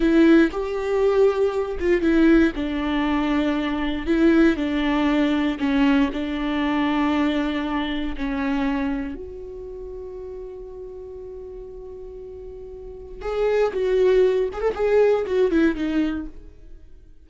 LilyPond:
\new Staff \with { instrumentName = "viola" } { \time 4/4 \tempo 4 = 118 e'4 g'2~ g'8 f'8 | e'4 d'2. | e'4 d'2 cis'4 | d'1 |
cis'2 fis'2~ | fis'1~ | fis'2 gis'4 fis'4~ | fis'8 gis'16 a'16 gis'4 fis'8 e'8 dis'4 | }